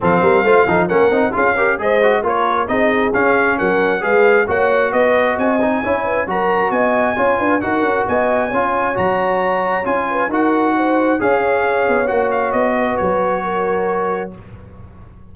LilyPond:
<<
  \new Staff \with { instrumentName = "trumpet" } { \time 4/4 \tempo 4 = 134 f''2 fis''4 f''4 | dis''4 cis''4 dis''4 f''4 | fis''4 f''4 fis''4 dis''4 | gis''2 ais''4 gis''4~ |
gis''4 fis''4 gis''2 | ais''2 gis''4 fis''4~ | fis''4 f''2 fis''8 f''8 | dis''4 cis''2. | }
  \new Staff \with { instrumentName = "horn" } { \time 4/4 a'8 ais'8 c''8 a'8 ais'4 gis'8 ais'8 | c''4 ais'4 gis'2 | ais'4 b'4 cis''4 b'4 | dis''4 cis''8 b'8 ais'4 dis''4 |
cis''8 b'8 ais'4 dis''4 cis''4~ | cis''2~ cis''8 b'8 ais'4 | c''4 cis''2.~ | cis''8 b'4. ais'2 | }
  \new Staff \with { instrumentName = "trombone" } { \time 4/4 c'4 f'8 dis'8 cis'8 dis'8 f'8 g'8 | gis'8 fis'8 f'4 dis'4 cis'4~ | cis'4 gis'4 fis'2~ | fis'8 dis'8 e'4 fis'2 |
f'4 fis'2 f'4 | fis'2 f'4 fis'4~ | fis'4 gis'2 fis'4~ | fis'1 | }
  \new Staff \with { instrumentName = "tuba" } { \time 4/4 f8 g8 a8 f8 ais8 c'8 cis'4 | gis4 ais4 c'4 cis'4 | fis4 gis4 ais4 b4 | c'4 cis'4 fis4 b4 |
cis'8 d'8 dis'8 cis'8 b4 cis'4 | fis2 cis'4 dis'4~ | dis'4 cis'4. b8 ais4 | b4 fis2. | }
>>